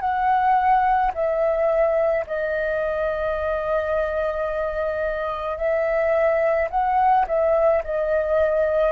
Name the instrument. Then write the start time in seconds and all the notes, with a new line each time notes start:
flute
0.00 F#5
1.14 E5
2.26 D#5
5.57 E5
6.70 F#5
7.27 E5
7.83 D#5